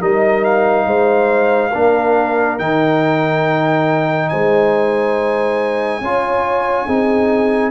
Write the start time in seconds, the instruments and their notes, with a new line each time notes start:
0.00 tuba G3, trombone D#4, horn A#4, trumpet D#5
0.44 trumpet F5
0.86 tuba G#3, horn C5
1.69 tuba A#3, trombone D4, horn A#4
2.59 tuba D#3, trombone D#4, trumpet G5
4.29 tuba G#3, horn C5, trumpet G#5
6.01 tuba C#4, trombone F4, horn C#5
6.86 tuba C4, trombone D#4, horn G#4